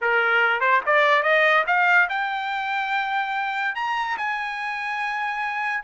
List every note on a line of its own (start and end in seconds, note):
0.01 0.60 A#4
0.60 0.81 C5
0.85 1.22 D5
1.22 1.64 D#5
1.66 2.08 F5
2.09 3.75 G5
3.75 4.17 A#5
4.17 5.83 G#5